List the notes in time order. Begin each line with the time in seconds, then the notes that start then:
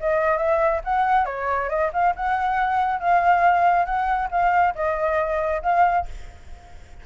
0.00 D#5
0.37 E5
0.84 F#5
1.25 C#5
1.69 D#5
1.92 F5
2.16 F#5
2.99 F5
3.85 F#5
4.30 F5
4.75 D#5
5.62 F5